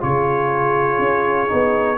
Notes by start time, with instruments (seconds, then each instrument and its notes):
0.00 tuba C#3, trombone F4, horn G#4, trumpet C#5
0.98 tuba C#4
1.48 tuba B3, trombone D#4